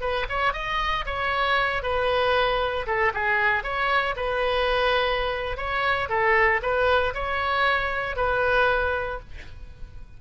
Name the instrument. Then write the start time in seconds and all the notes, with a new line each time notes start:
oboe
0.00 B4
0.29 C#5
0.53 D#5
1.06 C#5
1.82 B4
2.86 A4
3.14 G#4
3.63 C#5
4.16 B4
5.57 C#5
6.09 A4
6.62 B4
7.14 C#5
8.16 B4